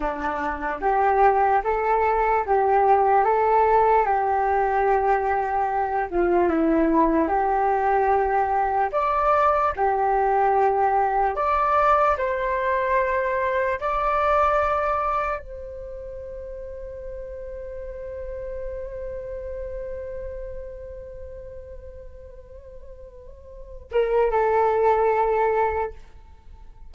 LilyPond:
\new Staff \with { instrumentName = "flute" } { \time 4/4 \tempo 4 = 74 d'4 g'4 a'4 g'4 | a'4 g'2~ g'8 f'8 | e'4 g'2 d''4 | g'2 d''4 c''4~ |
c''4 d''2 c''4~ | c''1~ | c''1~ | c''4. ais'8 a'2 | }